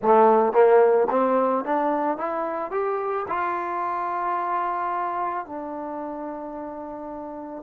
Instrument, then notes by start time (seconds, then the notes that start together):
trombone
0.02 A3
0.53 A#3
1.10 C4
1.64 D4
2.17 E4
2.71 G4
3.28 F4
5.45 D4